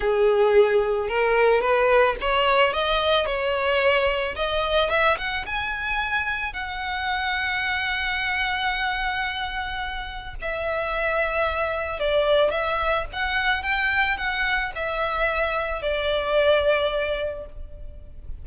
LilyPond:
\new Staff \with { instrumentName = "violin" } { \time 4/4 \tempo 4 = 110 gis'2 ais'4 b'4 | cis''4 dis''4 cis''2 | dis''4 e''8 fis''8 gis''2 | fis''1~ |
fis''2. e''4~ | e''2 d''4 e''4 | fis''4 g''4 fis''4 e''4~ | e''4 d''2. | }